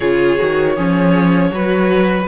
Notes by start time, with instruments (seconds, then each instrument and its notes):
0.00 cello C#3, viola F4, violin G#4 C#5
0.38 cello D#3, viola F#4
0.76 cello F3, violin C#4, viola G#4
1.50 cello F#3, viola F#4, violin B4